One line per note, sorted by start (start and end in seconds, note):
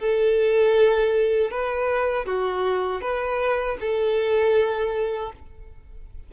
0.00 1.52 A4
1.52 2.26 B4
2.26 3.02 F#4
3.02 3.78 B4
3.81 5.33 A4